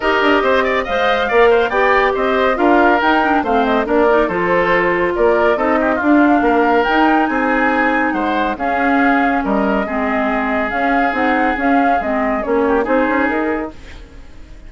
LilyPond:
<<
  \new Staff \with { instrumentName = "flute" } { \time 4/4 \tempo 4 = 140 dis''2 f''2 | g''4 dis''4 f''4 g''4 | f''8 dis''8 d''4 c''2 | d''4 dis''4 f''2 |
g''4 gis''2 fis''4 | f''2 dis''2~ | dis''4 f''4 fis''4 f''4 | dis''4 cis''4 c''4 ais'4 | }
  \new Staff \with { instrumentName = "oboe" } { \time 4/4 ais'4 c''8 d''8 dis''4 d''8 c''8 | d''4 c''4 ais'2 | c''4 ais'4 a'2 | ais'4 a'8 g'8 f'4 ais'4~ |
ais'4 gis'2 c''4 | gis'2 ais'4 gis'4~ | gis'1~ | gis'4. g'8 gis'2 | }
  \new Staff \with { instrumentName = "clarinet" } { \time 4/4 g'2 c''4 ais'4 | g'2 f'4 dis'8 d'8 | c'4 d'8 dis'8 f'2~ | f'4 dis'4 d'2 |
dis'1 | cis'2. c'4~ | c'4 cis'4 dis'4 cis'4 | c'4 cis'4 dis'2 | }
  \new Staff \with { instrumentName = "bassoon" } { \time 4/4 dis'8 d'8 c'4 gis4 ais4 | b4 c'4 d'4 dis'4 | a4 ais4 f2 | ais4 c'4 d'4 ais4 |
dis'4 c'2 gis4 | cis'2 g4 gis4~ | gis4 cis'4 c'4 cis'4 | gis4 ais4 c'8 cis'8 dis'4 | }
>>